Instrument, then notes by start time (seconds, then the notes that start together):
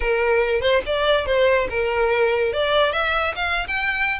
violin
0.00 A#4
0.61 C5
0.85 D5
1.25 C5
1.69 A#4
2.53 D5
2.92 E5
3.35 F5
3.67 G5